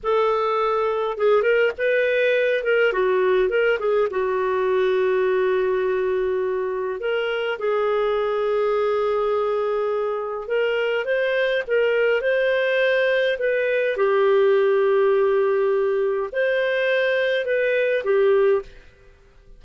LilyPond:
\new Staff \with { instrumentName = "clarinet" } { \time 4/4 \tempo 4 = 103 a'2 gis'8 ais'8 b'4~ | b'8 ais'8 fis'4 ais'8 gis'8 fis'4~ | fis'1 | ais'4 gis'2.~ |
gis'2 ais'4 c''4 | ais'4 c''2 b'4 | g'1 | c''2 b'4 g'4 | }